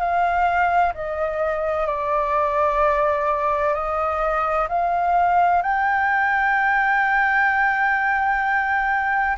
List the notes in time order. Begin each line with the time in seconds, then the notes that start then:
0.00 F5
0.95 D#5
1.87 D5
3.75 D#5
4.69 F5
5.62 G5